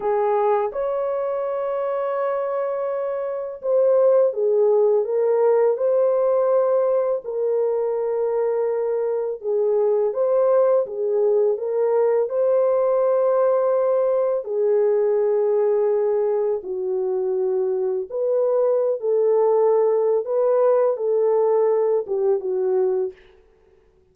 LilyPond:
\new Staff \with { instrumentName = "horn" } { \time 4/4 \tempo 4 = 83 gis'4 cis''2.~ | cis''4 c''4 gis'4 ais'4 | c''2 ais'2~ | ais'4 gis'4 c''4 gis'4 |
ais'4 c''2. | gis'2. fis'4~ | fis'4 b'4~ b'16 a'4.~ a'16 | b'4 a'4. g'8 fis'4 | }